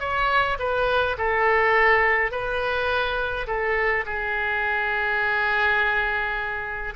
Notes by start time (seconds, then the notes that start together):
0.00 C#5
0.59 B4
1.18 A4
2.31 B4
3.47 A4
4.06 G#4